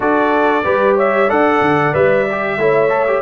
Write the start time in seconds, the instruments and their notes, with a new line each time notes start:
0.00 tuba D4, trombone F#4, horn A4, trumpet D5
0.64 tuba G3, trombone G4, horn B4
0.96 horn C#5, trumpet E5
1.27 tuba D4, trombone A4, horn D5, trumpet F#5
1.61 tuba D3
1.93 tuba G3, trombone B4, trumpet E5
2.30 trombone G4
2.57 tuba A3, trombone E4, horn C#5
2.89 trombone A4
3.07 trombone G4